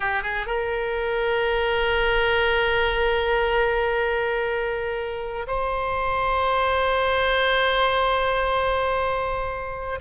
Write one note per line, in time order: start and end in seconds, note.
0.00 0.23 G4
0.23 0.46 G#4
0.46 5.46 A#4
5.47 9.99 C5